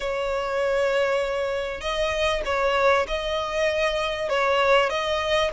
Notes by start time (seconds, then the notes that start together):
0.00 C#5
1.80 D#5
2.45 C#5
3.08 D#5
4.29 C#5
4.89 D#5